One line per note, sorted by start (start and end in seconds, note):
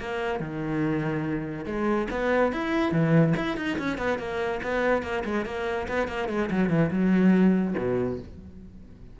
0.00 0.40 A#3
0.40 1.66 D#3
1.66 2.08 G#3
2.11 2.53 B3
2.53 2.92 E4
2.92 3.34 E3
3.37 3.57 E4
3.57 3.78 D#4
3.79 3.98 C#4
3.98 4.19 B3
4.19 4.61 A#3
4.63 5.03 B3
5.03 5.24 A#3
5.25 5.45 G#3
5.45 5.87 A#3
5.88 6.08 B3
6.08 6.29 A#3
6.29 6.50 G#3
6.51 6.69 F#3
6.69 6.90 E3
6.91 7.75 F#3
7.77 8.19 B2